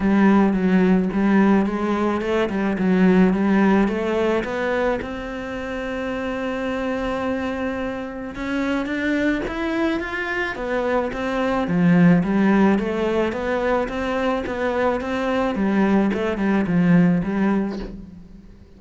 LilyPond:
\new Staff \with { instrumentName = "cello" } { \time 4/4 \tempo 4 = 108 g4 fis4 g4 gis4 | a8 g8 fis4 g4 a4 | b4 c'2.~ | c'2. cis'4 |
d'4 e'4 f'4 b4 | c'4 f4 g4 a4 | b4 c'4 b4 c'4 | g4 a8 g8 f4 g4 | }